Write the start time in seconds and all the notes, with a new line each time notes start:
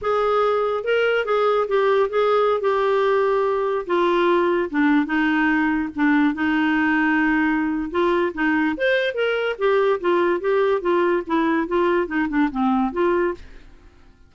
0.01 G#4
0.83 A#4
1.25 G#4
1.68 G4
2.09 G#4
2.60 G4
3.86 F4
4.70 D4
5.05 D#4
5.95 D4
6.34 D#4
7.90 F4
8.34 D#4
8.77 C5
9.14 A#4
9.58 G4
10.00 F4
10.40 G4
10.81 F4
11.27 E4
11.67 F4
12.07 D#4
12.29 D4
12.51 C4
12.92 F4